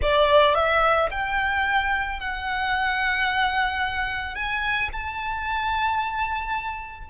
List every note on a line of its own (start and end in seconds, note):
0.01 0.55 D5
0.55 1.09 E5
1.10 2.19 G5
2.19 4.35 F#5
4.35 4.89 G#5
4.92 7.10 A5